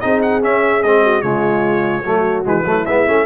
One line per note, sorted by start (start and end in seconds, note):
0.00 0.44 C4
0.00 0.42 D#4
0.00 1.03 G#4
0.00 0.20 D#5
0.22 0.42 F#5
0.42 0.83 C#4
0.42 0.83 E5
0.83 1.23 G#3
0.83 1.23 C4
0.83 1.21 D#5
1.03 1.22 F#4
1.21 2.04 C#3
1.21 2.04 G#3
1.21 2.03 F4
1.21 2.43 C#5
2.05 2.46 F#3
2.05 2.44 A3
2.05 2.66 F#4
2.44 2.65 E3
2.44 2.64 G#3
2.44 2.86 B4
2.65 2.85 F#3
2.65 2.86 A3
2.65 3.26 E4
2.86 3.07 G#3
2.86 3.07 B3
2.86 3.26 E5
3.07 3.26 A3
3.07 3.26 C#4